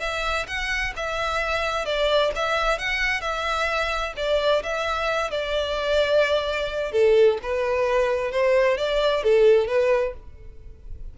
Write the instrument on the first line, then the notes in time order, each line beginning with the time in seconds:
violin
0.00 E5
0.47 F#5
0.97 E5
1.85 D5
2.35 E5
2.79 F#5
3.21 E5
4.17 D5
4.63 E5
5.31 D5
6.92 A4
7.43 B4
8.31 C5
8.78 D5
9.23 A4
9.68 B4